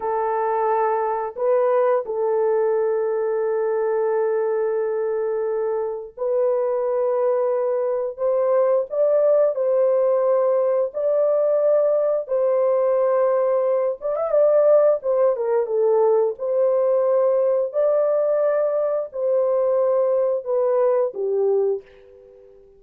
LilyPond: \new Staff \with { instrumentName = "horn" } { \time 4/4 \tempo 4 = 88 a'2 b'4 a'4~ | a'1~ | a'4 b'2. | c''4 d''4 c''2 |
d''2 c''2~ | c''8 d''16 e''16 d''4 c''8 ais'8 a'4 | c''2 d''2 | c''2 b'4 g'4 | }